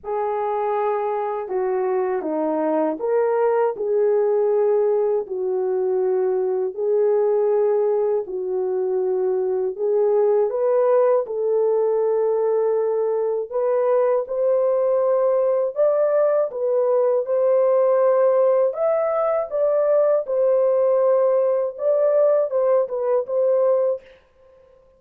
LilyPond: \new Staff \with { instrumentName = "horn" } { \time 4/4 \tempo 4 = 80 gis'2 fis'4 dis'4 | ais'4 gis'2 fis'4~ | fis'4 gis'2 fis'4~ | fis'4 gis'4 b'4 a'4~ |
a'2 b'4 c''4~ | c''4 d''4 b'4 c''4~ | c''4 e''4 d''4 c''4~ | c''4 d''4 c''8 b'8 c''4 | }